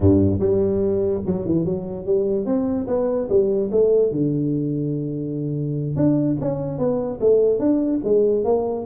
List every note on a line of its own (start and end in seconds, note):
0.00 0.39 G2
0.39 1.21 G3
1.26 1.45 F#3
1.45 1.65 E3
1.65 2.05 F#3
2.05 2.45 G3
2.45 2.86 C4
2.87 3.28 B3
3.29 3.70 G3
3.71 4.11 A3
4.11 5.96 D3
5.96 6.37 D4
6.40 6.78 C#4
6.78 7.19 B3
7.20 7.59 A3
7.59 8.00 D4
8.04 8.44 G#3
8.44 8.85 A#3